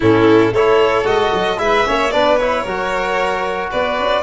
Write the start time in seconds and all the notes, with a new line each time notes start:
0.00 A2 C#4 E4 A4
0.52 A3 E4 A4 C#5
1.03 G#3 F#4 D#5
1.32 F#3
1.57 G#3 E4 B4 E5
1.84 A#3 C#4 C#5
2.10 B3 D4 B4 D5
2.37 E4 C#5
2.63 F#3 F#4 A#4
3.70 B3 B4 D5
3.99 C#4